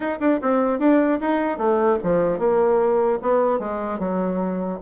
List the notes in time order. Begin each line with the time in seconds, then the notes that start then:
0.00 D#4
0.20 D4
0.41 C4
0.79 D4
1.21 D#4
1.58 A3
2.03 F3
2.39 A#3
3.22 B3
3.59 G#3
3.99 F#3